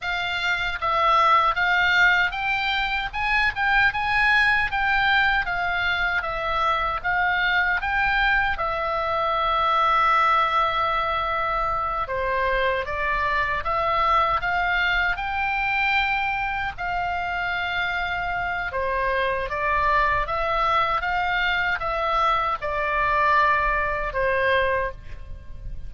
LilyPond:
\new Staff \with { instrumentName = "oboe" } { \time 4/4 \tempo 4 = 77 f''4 e''4 f''4 g''4 | gis''8 g''8 gis''4 g''4 f''4 | e''4 f''4 g''4 e''4~ | e''2.~ e''8 c''8~ |
c''8 d''4 e''4 f''4 g''8~ | g''4. f''2~ f''8 | c''4 d''4 e''4 f''4 | e''4 d''2 c''4 | }